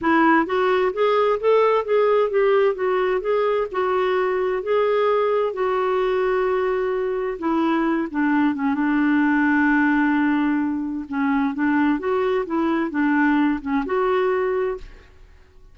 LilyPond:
\new Staff \with { instrumentName = "clarinet" } { \time 4/4 \tempo 4 = 130 e'4 fis'4 gis'4 a'4 | gis'4 g'4 fis'4 gis'4 | fis'2 gis'2 | fis'1 |
e'4. d'4 cis'8 d'4~ | d'1 | cis'4 d'4 fis'4 e'4 | d'4. cis'8 fis'2 | }